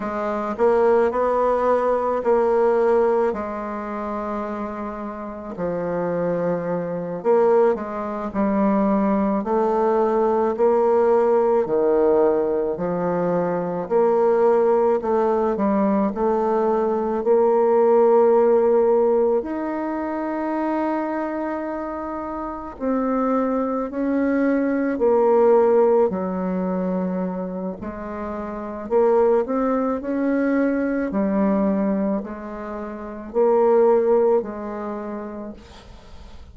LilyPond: \new Staff \with { instrumentName = "bassoon" } { \time 4/4 \tempo 4 = 54 gis8 ais8 b4 ais4 gis4~ | gis4 f4. ais8 gis8 g8~ | g8 a4 ais4 dis4 f8~ | f8 ais4 a8 g8 a4 ais8~ |
ais4. dis'2~ dis'8~ | dis'8 c'4 cis'4 ais4 fis8~ | fis4 gis4 ais8 c'8 cis'4 | g4 gis4 ais4 gis4 | }